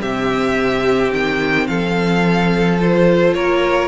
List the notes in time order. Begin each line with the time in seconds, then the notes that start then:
0.00 C3 C4 G4 E5
1.12 D#3 G5
1.67 F3 A4 F5
2.80 F4 C5
3.33 A#3 A#4 C#5